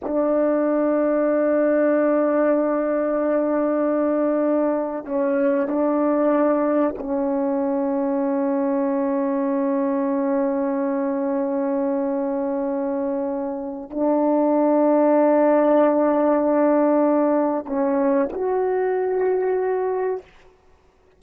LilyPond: \new Staff \with { instrumentName = "horn" } { \time 4/4 \tempo 4 = 95 d'1~ | d'1 | cis'4 d'2 cis'4~ | cis'1~ |
cis'1~ | cis'2 d'2~ | d'1 | cis'4 fis'2. | }